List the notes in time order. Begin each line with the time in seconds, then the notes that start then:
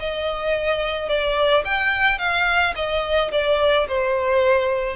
0.00 D#5
1.09 D5
1.65 G5
2.19 F5
2.76 D#5
3.32 D5
3.88 C5